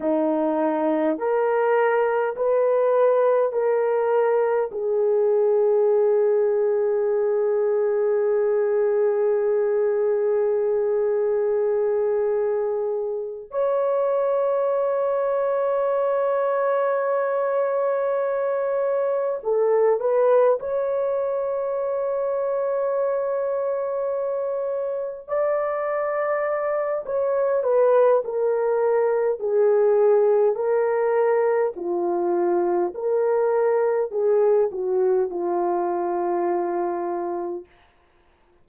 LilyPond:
\new Staff \with { instrumentName = "horn" } { \time 4/4 \tempo 4 = 51 dis'4 ais'4 b'4 ais'4 | gis'1~ | gis'2.~ gis'8 cis''8~ | cis''1~ |
cis''8 a'8 b'8 cis''2~ cis''8~ | cis''4. d''4. cis''8 b'8 | ais'4 gis'4 ais'4 f'4 | ais'4 gis'8 fis'8 f'2 | }